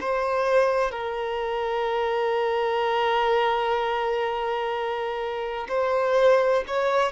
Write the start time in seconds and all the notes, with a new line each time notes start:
0.00 C5
0.91 A#4
5.68 C5
6.67 C#5